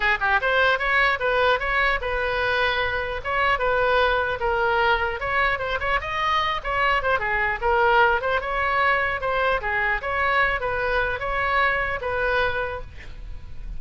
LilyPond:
\new Staff \with { instrumentName = "oboe" } { \time 4/4 \tempo 4 = 150 gis'8 g'8 c''4 cis''4 b'4 | cis''4 b'2. | cis''4 b'2 ais'4~ | ais'4 cis''4 c''8 cis''8 dis''4~ |
dis''8 cis''4 c''8 gis'4 ais'4~ | ais'8 c''8 cis''2 c''4 | gis'4 cis''4. b'4. | cis''2 b'2 | }